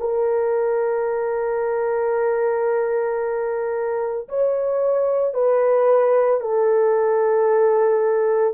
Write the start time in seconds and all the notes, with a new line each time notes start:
0.00 A#4
4.29 C#5
5.34 B4
6.41 A4